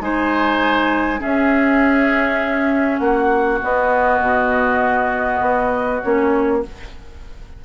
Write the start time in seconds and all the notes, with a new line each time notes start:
0.00 G#3 D#4 C5 G#5
1.19 C#4 G#4 E5
2.98 A#3 F#4 F#5
3.62 B3 D#5
4.20 B2
5.40 B3
6.03 A#3 C#4 C#5